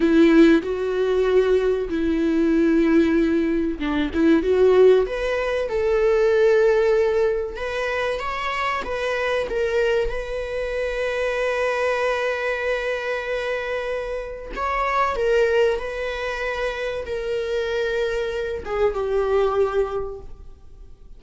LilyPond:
\new Staff \with { instrumentName = "viola" } { \time 4/4 \tempo 4 = 95 e'4 fis'2 e'4~ | e'2 d'8 e'8 fis'4 | b'4 a'2. | b'4 cis''4 b'4 ais'4 |
b'1~ | b'2. cis''4 | ais'4 b'2 ais'4~ | ais'4. gis'8 g'2 | }